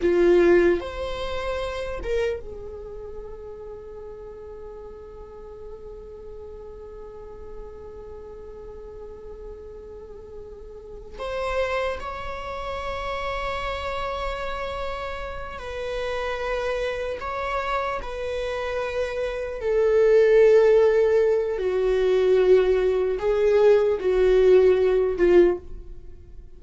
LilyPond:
\new Staff \with { instrumentName = "viola" } { \time 4/4 \tempo 4 = 75 f'4 c''4. ais'8 gis'4~ | gis'1~ | gis'1~ | gis'2 c''4 cis''4~ |
cis''2.~ cis''8 b'8~ | b'4. cis''4 b'4.~ | b'8 a'2~ a'8 fis'4~ | fis'4 gis'4 fis'4. f'8 | }